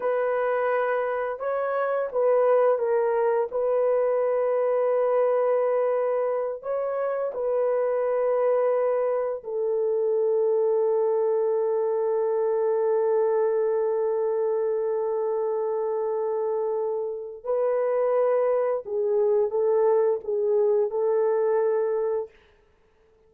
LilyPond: \new Staff \with { instrumentName = "horn" } { \time 4/4 \tempo 4 = 86 b'2 cis''4 b'4 | ais'4 b'2.~ | b'4. cis''4 b'4.~ | b'4. a'2~ a'8~ |
a'1~ | a'1~ | a'4 b'2 gis'4 | a'4 gis'4 a'2 | }